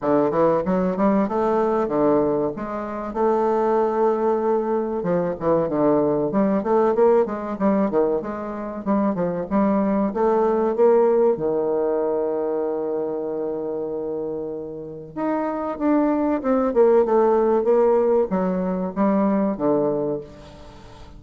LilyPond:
\new Staff \with { instrumentName = "bassoon" } { \time 4/4 \tempo 4 = 95 d8 e8 fis8 g8 a4 d4 | gis4 a2. | f8 e8 d4 g8 a8 ais8 gis8 | g8 dis8 gis4 g8 f8 g4 |
a4 ais4 dis2~ | dis1 | dis'4 d'4 c'8 ais8 a4 | ais4 fis4 g4 d4 | }